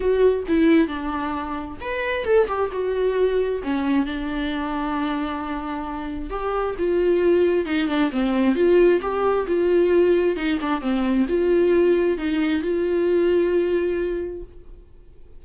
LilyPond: \new Staff \with { instrumentName = "viola" } { \time 4/4 \tempo 4 = 133 fis'4 e'4 d'2 | b'4 a'8 g'8 fis'2 | cis'4 d'2.~ | d'2 g'4 f'4~ |
f'4 dis'8 d'8 c'4 f'4 | g'4 f'2 dis'8 d'8 | c'4 f'2 dis'4 | f'1 | }